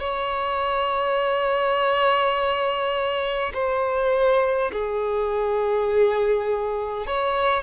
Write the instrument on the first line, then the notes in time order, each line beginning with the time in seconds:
violin
0.00 C#5
3.54 C5
4.72 G#4
7.07 C#5